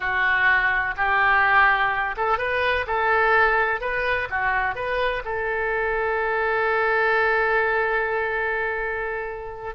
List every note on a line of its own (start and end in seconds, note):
0.00 0.95 F#4
0.96 2.15 G4
2.16 2.38 A4
2.38 2.85 B4
2.86 3.81 A4
3.81 4.28 B4
4.29 4.75 F#4
4.75 5.23 B4
5.24 9.75 A4